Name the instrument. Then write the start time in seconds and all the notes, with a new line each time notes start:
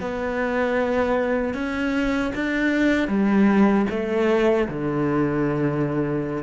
cello
0.00 B3
1.54 C#4
2.34 D4
3.08 G3
3.90 A3
4.68 D3